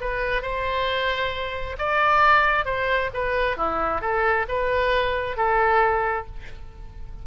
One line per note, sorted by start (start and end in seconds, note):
0.00 0.42 B4
0.42 1.76 C5
1.78 2.65 D5
2.65 3.09 C5
3.13 3.56 B4
3.56 4.01 E4
4.01 4.46 A4
4.48 5.36 B4
5.36 6.26 A4